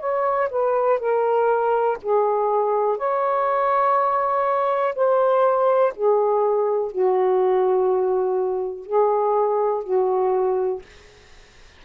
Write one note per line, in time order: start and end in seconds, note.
0.00 0.49 C#5
0.51 0.99 B4
0.99 1.98 A#4
2.03 2.98 G#4
2.98 4.94 C#5
4.95 5.94 C5
5.96 6.92 G#4
6.92 8.86 F#4
8.86 9.84 G#4
9.84 10.82 F#4